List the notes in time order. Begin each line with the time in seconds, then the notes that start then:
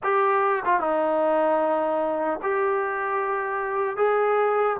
0.03 G4
0.65 F4
0.80 D#4
2.42 G4
3.96 G#4